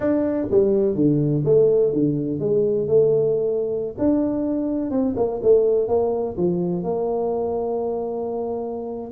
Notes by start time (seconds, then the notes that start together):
0.00 D4
0.50 G3
0.95 D3
1.44 A3
1.92 D3
2.39 G#3
2.87 A3
3.98 D4
4.91 C4
5.16 A#3
5.42 A3
5.88 A#3
6.37 F3
6.83 A#3